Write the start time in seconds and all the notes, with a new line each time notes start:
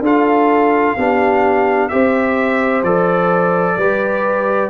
0.00 D4 F4 A4 F5
0.96 B3 D4 G4
1.88 C4 G4 C5 E5
2.82 F3 A4 D5
3.76 G3 G4 B4